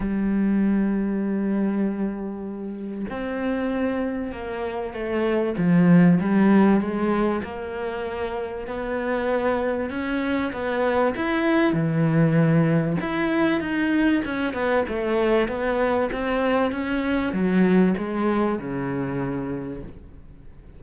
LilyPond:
\new Staff \with { instrumentName = "cello" } { \time 4/4 \tempo 4 = 97 g1~ | g4 c'2 ais4 | a4 f4 g4 gis4 | ais2 b2 |
cis'4 b4 e'4 e4~ | e4 e'4 dis'4 cis'8 b8 | a4 b4 c'4 cis'4 | fis4 gis4 cis2 | }